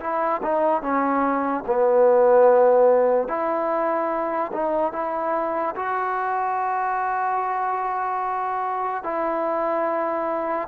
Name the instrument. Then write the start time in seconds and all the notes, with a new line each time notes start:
trombone
0.00 E4
0.43 D#4
0.82 C#4
1.67 B3
3.28 E4
4.53 D#4
4.92 E4
5.75 F#4
9.04 E4